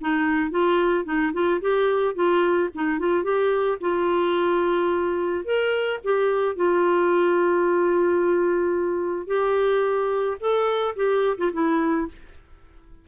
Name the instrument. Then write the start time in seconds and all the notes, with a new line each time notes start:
clarinet
0.00 D#4
0.50 F4
1.04 D#4
1.33 F4
1.61 G4
2.14 F4
2.74 D#4
2.99 F4
3.23 G4
3.80 F4
5.44 A#4
6.03 G4
6.56 F4
9.27 G4
10.40 A4
10.95 G4
11.38 F4
11.52 E4